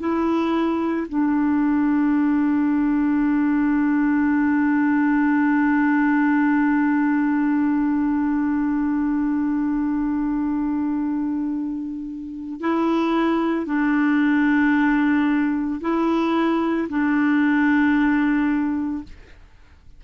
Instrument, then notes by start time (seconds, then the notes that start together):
clarinet
0.00 E4
1.09 D4
12.60 E4
13.66 D4
15.81 E4
16.89 D4